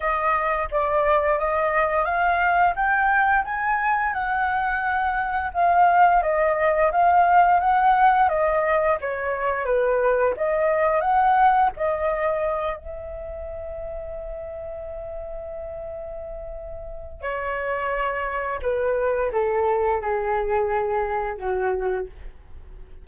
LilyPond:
\new Staff \with { instrumentName = "flute" } { \time 4/4 \tempo 4 = 87 dis''4 d''4 dis''4 f''4 | g''4 gis''4 fis''2 | f''4 dis''4 f''4 fis''4 | dis''4 cis''4 b'4 dis''4 |
fis''4 dis''4. e''4.~ | e''1~ | e''4 cis''2 b'4 | a'4 gis'2 fis'4 | }